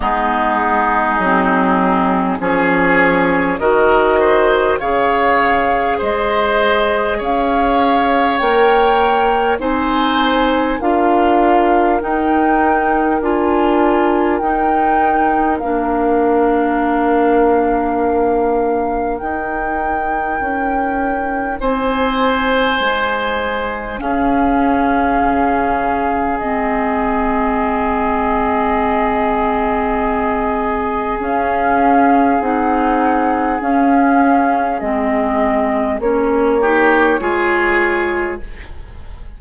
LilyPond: <<
  \new Staff \with { instrumentName = "flute" } { \time 4/4 \tempo 4 = 50 gis'2 cis''4 dis''4 | f''4 dis''4 f''4 g''4 | gis''4 f''4 g''4 gis''4 | g''4 f''2. |
g''2 gis''2 | f''2 dis''2~ | dis''2 f''4 fis''4 | f''4 dis''4 cis''2 | }
  \new Staff \with { instrumentName = "oboe" } { \time 4/4 dis'2 gis'4 ais'8 c''8 | cis''4 c''4 cis''2 | c''4 ais'2.~ | ais'1~ |
ais'2 c''2 | gis'1~ | gis'1~ | gis'2~ gis'8 g'8 gis'4 | }
  \new Staff \with { instrumentName = "clarinet" } { \time 4/4 b4 c'4 cis'4 fis'4 | gis'2. ais'4 | dis'4 f'4 dis'4 f'4 | dis'4 d'2. |
dis'1 | cis'2 c'2~ | c'2 cis'4 dis'4 | cis'4 c'4 cis'8 dis'8 f'4 | }
  \new Staff \with { instrumentName = "bassoon" } { \time 4/4 gis4 fis4 f4 dis4 | cis4 gis4 cis'4 ais4 | c'4 d'4 dis'4 d'4 | dis'4 ais2. |
dis'4 cis'4 c'4 gis4 | cis'4 cis4 gis2~ | gis2 cis'4 c'4 | cis'4 gis4 ais4 gis4 | }
>>